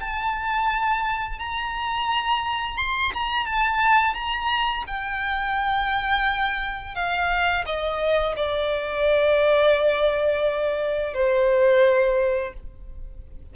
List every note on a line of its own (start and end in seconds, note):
0.00 1.39 A5
1.39 2.77 A#5
2.77 3.11 C6
3.14 3.46 A#5
3.46 4.14 A5
4.14 4.84 A#5
4.86 6.95 G5
6.95 7.64 F5
7.65 8.35 D#5
8.36 11.13 D5
11.13 12.53 C5